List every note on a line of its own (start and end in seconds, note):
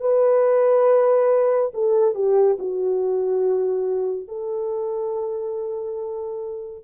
0.00 1.71 B4
1.73 2.14 A4
2.14 2.57 G4
2.58 4.27 F#4
4.27 6.84 A4